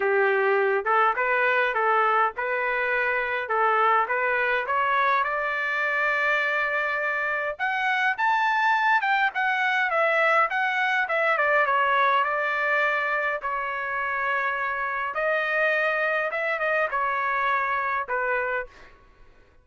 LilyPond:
\new Staff \with { instrumentName = "trumpet" } { \time 4/4 \tempo 4 = 103 g'4. a'8 b'4 a'4 | b'2 a'4 b'4 | cis''4 d''2.~ | d''4 fis''4 a''4. g''8 |
fis''4 e''4 fis''4 e''8 d''8 | cis''4 d''2 cis''4~ | cis''2 dis''2 | e''8 dis''8 cis''2 b'4 | }